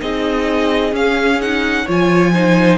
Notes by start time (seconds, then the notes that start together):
0.00 C4 D#4 G#4 D#5
0.92 C#4 F5
1.41 D#4 F#5
1.85 F3 F4 C#5
1.91 G#5
2.34 D#4 C5